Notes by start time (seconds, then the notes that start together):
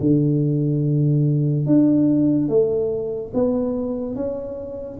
0.00 D3
1.66 D4
2.48 A3
3.34 B3
4.15 C#4